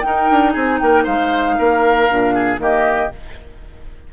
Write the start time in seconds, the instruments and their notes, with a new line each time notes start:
0.00 clarinet D#4, bassoon D#4, oboe A#4, flute G5
0.30 bassoon D4
0.52 bassoon C4, oboe G#4, flute G#5
0.79 bassoon A#3, oboe A#4, flute G5
1.04 bassoon G#3, oboe C5, flute F5
1.58 bassoon A#3, oboe A#4
2.09 bassoon A#2, clarinet D4
2.34 oboe G#4
2.58 bassoon D#3, clarinet A#3, oboe G4, flute D#5